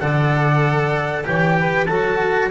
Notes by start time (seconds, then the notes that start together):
0.00 D3 A4 D5 F#5
1.25 E3 G4 C#5 G5
1.59 B4
1.87 F#3 F#4 A4 A5